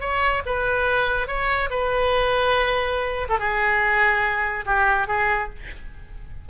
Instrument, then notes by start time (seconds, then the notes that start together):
oboe
0.00 C#5
0.45 B4
1.27 C#5
1.70 B4
3.29 A4
3.39 G#4
4.66 G4
5.07 G#4